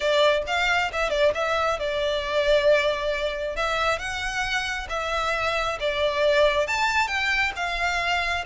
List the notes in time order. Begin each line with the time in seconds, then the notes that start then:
0.00 D5
0.46 F5
0.92 E5
1.10 D5
1.34 E5
1.79 D5
3.56 E5
3.98 F#5
4.89 E5
5.80 D5
6.67 A5
7.07 G5
7.56 F5